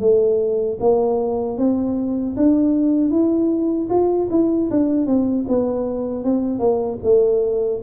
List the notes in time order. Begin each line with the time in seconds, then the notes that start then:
0.00 A3
0.80 A#3
1.58 C4
2.37 D4
3.11 E4
3.90 F4
4.31 E4
4.71 D4
5.06 C4
5.48 B3
6.24 C4
6.60 A#3
7.03 A3